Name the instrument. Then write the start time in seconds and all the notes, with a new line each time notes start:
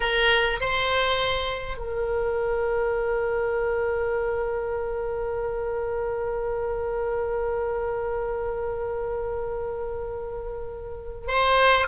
oboe
0.00 A#4
0.60 C5
1.77 A#4
11.27 C5